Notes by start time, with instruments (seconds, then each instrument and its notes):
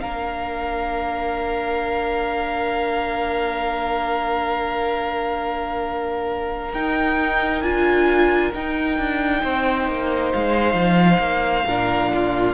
0.00 cello A#3, viola D4, violin A#4 F5
6.73 cello D#4, viola D#4, violin G5
7.62 cello D4, viola F4, violin G#5
8.54 viola D#4, cello D#4, violin G5
8.98 cello D4
9.43 cello C4, violin C5
9.88 cello A#3
10.33 cello G#3, violin F5
10.74 cello F3
11.19 cello A#3
11.66 cello A#2, viola D4, violin A#4
12.14 violin F4